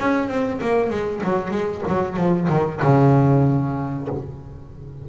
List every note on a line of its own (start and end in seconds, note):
0.00 0.29 C#4
0.29 0.61 C4
0.61 0.90 A#3
0.90 1.22 G#3
1.24 1.51 F#3
1.51 1.83 G#3
1.89 2.17 F#3
2.17 2.49 F3
2.50 2.81 D#3
2.82 4.09 C#3